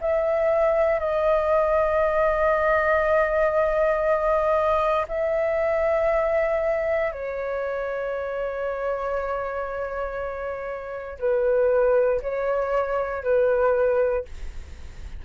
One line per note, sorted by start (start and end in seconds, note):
0.00 0.99 E5
0.99 5.06 D#5
5.08 7.11 E5
7.11 11.18 C#5
11.19 12.20 B4
12.22 13.23 C#5
13.23 14.25 B4